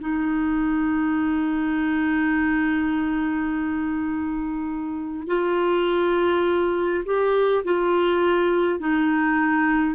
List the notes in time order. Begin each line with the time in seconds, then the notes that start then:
0.00 D#4
5.27 F4
7.05 G4
7.65 F4
8.80 D#4